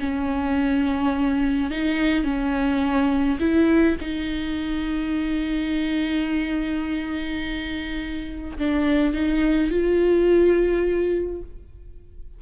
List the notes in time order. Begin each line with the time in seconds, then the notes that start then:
0.00 C#4
1.71 D#4
2.24 C#4
3.40 E4
4.01 D#4
8.58 D4
9.14 D#4
9.71 F4